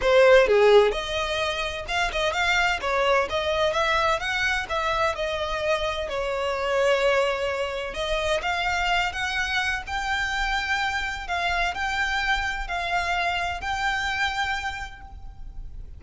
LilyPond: \new Staff \with { instrumentName = "violin" } { \time 4/4 \tempo 4 = 128 c''4 gis'4 dis''2 | f''8 dis''8 f''4 cis''4 dis''4 | e''4 fis''4 e''4 dis''4~ | dis''4 cis''2.~ |
cis''4 dis''4 f''4. fis''8~ | fis''4 g''2. | f''4 g''2 f''4~ | f''4 g''2. | }